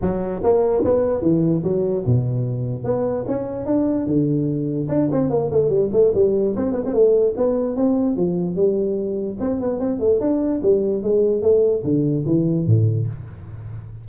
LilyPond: \new Staff \with { instrumentName = "tuba" } { \time 4/4 \tempo 4 = 147 fis4 ais4 b4 e4 | fis4 b,2 b4 | cis'4 d'4 d2 | d'8 c'8 ais8 a8 g8 a8 g4 |
c'8 b16 c'16 a4 b4 c'4 | f4 g2 c'8 b8 | c'8 a8 d'4 g4 gis4 | a4 d4 e4 a,4 | }